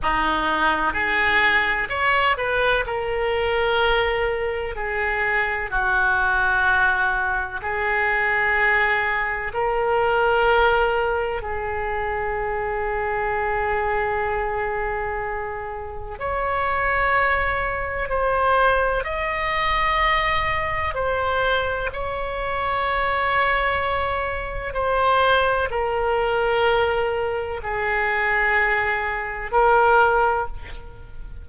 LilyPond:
\new Staff \with { instrumentName = "oboe" } { \time 4/4 \tempo 4 = 63 dis'4 gis'4 cis''8 b'8 ais'4~ | ais'4 gis'4 fis'2 | gis'2 ais'2 | gis'1~ |
gis'4 cis''2 c''4 | dis''2 c''4 cis''4~ | cis''2 c''4 ais'4~ | ais'4 gis'2 ais'4 | }